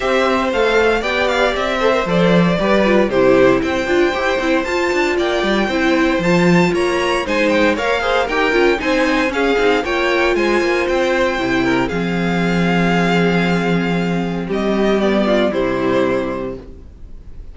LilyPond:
<<
  \new Staff \with { instrumentName = "violin" } { \time 4/4 \tempo 4 = 116 e''4 f''4 g''8 f''8 e''4 | d''2 c''4 g''4~ | g''4 a''4 g''2 | a''4 ais''4 gis''8 g''8 f''4 |
g''4 gis''4 f''4 g''4 | gis''4 g''2 f''4~ | f''1 | dis''4 d''4 c''2 | }
  \new Staff \with { instrumentName = "violin" } { \time 4/4 c''2 d''4. c''8~ | c''4 b'4 g'4 c''4~ | c''2 d''4 c''4~ | c''4 cis''4 c''4 cis''8 c''8 |
ais'4 c''4 gis'4 cis''4 | c''2~ c''8 ais'8 gis'4~ | gis'1 | g'4. f'8 e'2 | }
  \new Staff \with { instrumentName = "viola" } { \time 4/4 g'4 a'4 g'4. a'16 ais'16 | a'4 g'8 f'8 e'4. f'8 | g'8 e'8 f'2 e'4 | f'2 dis'4 ais'8 gis'8 |
g'8 f'8 dis'4 cis'8 dis'8 f'4~ | f'2 e'4 c'4~ | c'1~ | c'4 b4 g2 | }
  \new Staff \with { instrumentName = "cello" } { \time 4/4 c'4 a4 b4 c'4 | f4 g4 c4 c'8 d'8 | e'8 c'8 f'8 d'8 ais8 g8 c'4 | f4 ais4 gis4 ais4 |
dis'8 cis'8 c'4 cis'8 c'8 ais4 | gis8 ais8 c'4 c4 f4~ | f1 | g2 c2 | }
>>